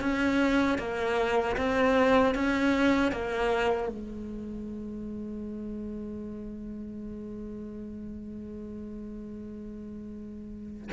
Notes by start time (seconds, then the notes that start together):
0.00 C#4
0.78 A#3
1.57 C4
2.34 C#4
3.12 A#3
3.89 G#3